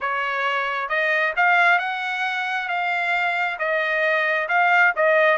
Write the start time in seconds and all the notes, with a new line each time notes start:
0.00 C#5
0.88 D#5
1.36 F5
1.79 F#5
2.68 F5
3.58 D#5
4.48 F5
4.95 D#5